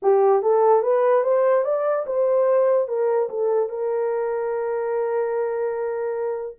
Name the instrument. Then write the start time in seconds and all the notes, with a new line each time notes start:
horn
0.02 G4
0.42 A4
0.82 B4
1.23 C5
1.64 D5
2.06 C5
2.88 A#4
3.29 A4
3.69 A#4